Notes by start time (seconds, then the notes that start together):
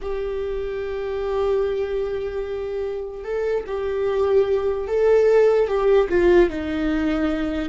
0.01 G4
3.24 A4
3.66 G4
4.87 A4
5.67 G4
6.08 F4
6.49 D#4